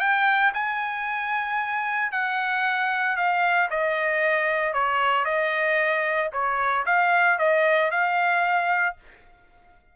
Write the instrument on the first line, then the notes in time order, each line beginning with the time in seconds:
trumpet
0.00 G5
0.54 G#5
2.12 F#5
3.17 F5
3.71 D#5
4.74 C#5
5.25 D#5
6.33 C#5
6.86 F5
7.39 D#5
7.91 F5